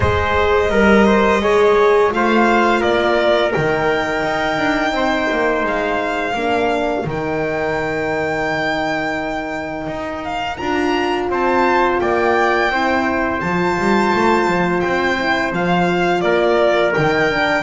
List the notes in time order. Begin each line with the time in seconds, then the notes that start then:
0.00 G#3 G#4 C5 D#5
0.69 G3 A#4
1.06 C5
1.39 G#3 G#4 C#5
2.10 A3 F4 C5 F5
2.80 A#3 A#4 D5
3.52 D#3 D#4 G5
4.22 D#4
4.57 D4
4.91 C4 C5
5.31 A#3
5.63 G#3 F5
6.34 A#3 D4 A#4
7.04 D#3 D#4 G5
9.86 D#4
10.24 F5
10.57 D4 F4 A#5
11.29 C4 C5 A5
11.99 A#3 D5 G5
12.70 C4 E4 C5
13.40 F3 F4 A5
13.78 G3
14.13 A3
14.47 F3
14.80 C4 G5
15.18 E4
15.52 F3 F4 F5
16.20 A#3 A#4 D5
16.94 D#3 D#4 G5
17.30 D4